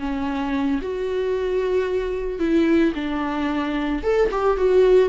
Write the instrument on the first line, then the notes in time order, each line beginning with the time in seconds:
viola
0.00 C#4
0.82 F#4
2.39 E4
2.95 D4
4.03 A4
4.31 G4
4.58 F#4